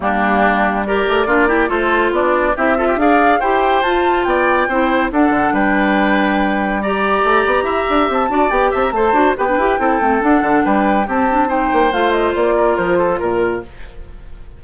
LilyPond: <<
  \new Staff \with { instrumentName = "flute" } { \time 4/4 \tempo 4 = 141 g'2 d''2 | c''4 d''4 e''4 f''4 | g''4 a''4 g''2 | fis''4 g''2. |
ais''2. a''4 | g''8 a''16 ais''16 a''4 g''2 | fis''4 g''4 a''4 g''4 | f''8 dis''8 d''4 c''4 ais'4 | }
  \new Staff \with { instrumentName = "oboe" } { \time 4/4 d'2 ais'4 f'8 g'8 | a'4 d'4 g'8 a'16 g'16 d''4 | c''2 d''4 c''4 | a'4 b'2. |
d''2 e''4. d''8~ | d''8 e''8 c''4 b'4 a'4~ | a'4 b'4 g'4 c''4~ | c''4. ais'4 a'8 ais'4 | }
  \new Staff \with { instrumentName = "clarinet" } { \time 4/4 ais2 g'4 d'8 e'8 | f'2 e'8 f'8 gis'4 | g'4 f'2 e'4 | d'1 |
g'2.~ g'8 fis'8 | g'4 a'8 fis'8 g'16 d'16 g'8 e'8 c'8 | d'2 c'8 d'8 dis'4 | f'1 | }
  \new Staff \with { instrumentName = "bassoon" } { \time 4/4 g2~ g8 a8 ais4 | a4 b4 c'4 d'4 | e'4 f'4 b4 c'4 | d'8 d8 g2.~ |
g4 a8 b8 e'8 d'8 c'8 d'8 | b8 c'8 a8 d'8 b8 e'8 c'8 a8 | d'8 d8 g4 c'4. ais8 | a4 ais4 f4 ais,4 | }
>>